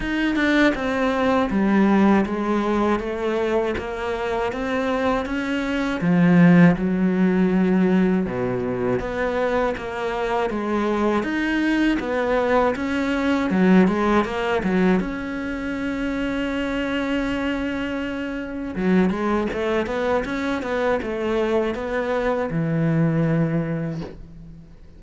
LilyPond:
\new Staff \with { instrumentName = "cello" } { \time 4/4 \tempo 4 = 80 dis'8 d'8 c'4 g4 gis4 | a4 ais4 c'4 cis'4 | f4 fis2 b,4 | b4 ais4 gis4 dis'4 |
b4 cis'4 fis8 gis8 ais8 fis8 | cis'1~ | cis'4 fis8 gis8 a8 b8 cis'8 b8 | a4 b4 e2 | }